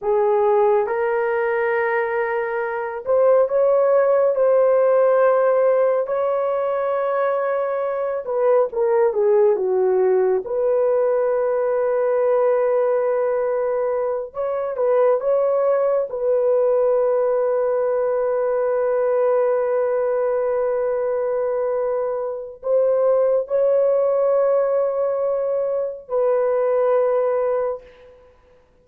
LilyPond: \new Staff \with { instrumentName = "horn" } { \time 4/4 \tempo 4 = 69 gis'4 ais'2~ ais'8 c''8 | cis''4 c''2 cis''4~ | cis''4. b'8 ais'8 gis'8 fis'4 | b'1~ |
b'8 cis''8 b'8 cis''4 b'4.~ | b'1~ | b'2 c''4 cis''4~ | cis''2 b'2 | }